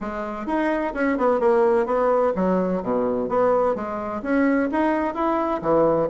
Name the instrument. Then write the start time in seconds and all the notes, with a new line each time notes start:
bassoon
0.00 G#3
0.46 D#4
0.94 C#4
1.17 B3
1.40 A#3
1.86 B3
2.35 F#3
2.82 B2
3.29 B3
3.75 G#3
4.22 C#4
4.71 D#4
5.14 E4
5.61 E3